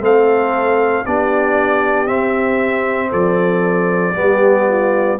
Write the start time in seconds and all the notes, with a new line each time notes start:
0.00 A3 C4 A4 F5
1.05 B3 D4 G4 D5
2.06 C4 E5
3.10 F3 A4 D5
4.14 G3 B3 G4
4.68 F4